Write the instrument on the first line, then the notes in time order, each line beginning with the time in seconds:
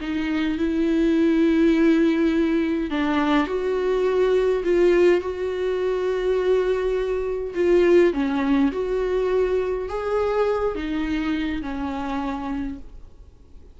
viola
0.00 D#4
0.58 E4
2.90 D4
3.47 F#4
4.64 F4
5.21 F#4
7.55 F4
8.13 C#4
8.72 F#4
9.89 G#4
10.75 D#4
11.62 C#4